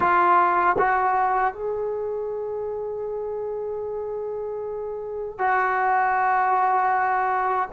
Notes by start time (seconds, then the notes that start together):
0.00 F4
0.78 F#4
1.54 G#4
5.38 F#4